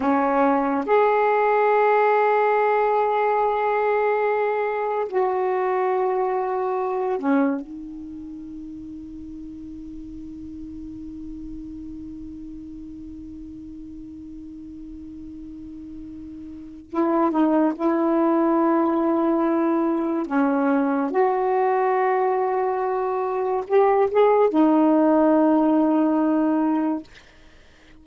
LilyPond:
\new Staff \with { instrumentName = "saxophone" } { \time 4/4 \tempo 4 = 71 cis'4 gis'2.~ | gis'2 fis'2~ | fis'8 cis'8 dis'2.~ | dis'1~ |
dis'1 | e'8 dis'8 e'2. | cis'4 fis'2. | g'8 gis'8 dis'2. | }